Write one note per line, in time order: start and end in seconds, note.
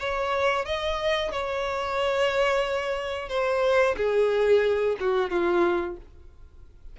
0.00 0.66 C#5
0.66 1.32 D#5
1.32 3.29 C#5
3.29 3.96 C5
3.97 4.97 G#4
5.01 5.31 F#4
5.31 5.97 F4